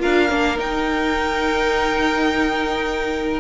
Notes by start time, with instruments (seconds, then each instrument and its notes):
0.00 cello D4, viola F4, violin A#4 F5
0.30 cello A#3, viola D4
0.57 viola D#4, cello D#4, violin G5